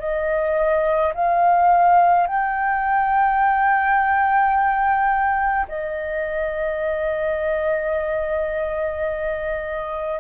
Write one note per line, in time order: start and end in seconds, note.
0.00 1.13 D#5
1.15 2.27 F5
2.27 5.67 G5
5.69 10.20 D#5